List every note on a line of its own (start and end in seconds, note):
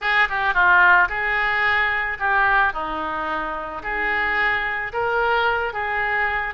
0.01 0.28 G#4
0.29 0.53 G4
0.53 1.08 F4
1.08 2.17 G#4
2.19 2.73 G4
2.73 3.82 D#4
3.83 4.92 G#4
4.92 5.73 A#4
5.73 6.54 G#4